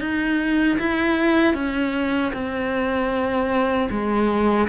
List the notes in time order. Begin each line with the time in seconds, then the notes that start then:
0.00 D#4
0.79 E4
1.54 C#4
2.33 C4
3.90 G#3